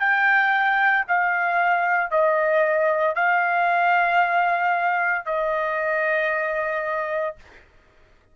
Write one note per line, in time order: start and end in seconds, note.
0.00 1.05 G5
1.08 2.11 F5
2.11 3.15 D#5
3.15 5.25 F5
5.25 7.36 D#5